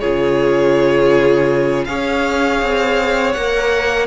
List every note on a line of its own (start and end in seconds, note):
0.00 1.87 C#3
0.00 1.87 F4
0.00 1.85 G#4
0.00 1.85 C#5
1.85 2.62 C#4
1.85 3.35 G#4
1.85 4.07 C#5
1.85 3.33 F5
2.62 3.36 C4
3.33 4.07 A#3
3.33 4.07 A#4
3.33 4.07 F#5